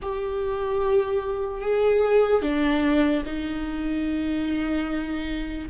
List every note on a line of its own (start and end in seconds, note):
0.02 1.61 G4
1.61 2.41 G#4
2.41 3.22 D4
3.25 5.68 D#4